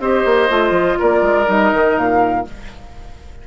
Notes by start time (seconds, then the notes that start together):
0.00 C4 G4 C5 D#5
0.25 A#3
0.50 A3 F4
0.71 F3
0.99 A#3 A#4 D5
1.22 G#3
1.46 G3 D#4 D#5
1.73 D#3
1.97 A#2 F5